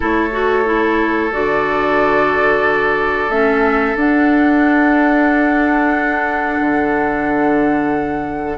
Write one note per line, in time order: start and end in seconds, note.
0.00 1.33 A3
0.00 0.30 E4
0.00 8.57 A4
0.00 1.32 C#5
0.31 0.64 F#4
0.64 1.30 E4
1.31 3.29 D3
1.31 3.29 F#4
1.31 3.30 D5
3.29 3.95 A3
3.29 3.95 C#4
3.29 3.96 E5
3.95 6.59 D4
3.95 8.57 D4
3.95 8.57 F#5
6.60 8.57 D3